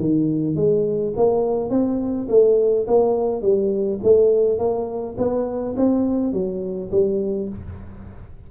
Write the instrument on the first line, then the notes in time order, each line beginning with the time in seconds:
tuba
0.00 D#3
0.56 G#3
1.17 A#3
1.70 C4
2.29 A3
2.88 A#3
3.42 G3
4.04 A3
4.59 A#3
5.18 B3
5.77 C4
6.33 F#3
6.92 G3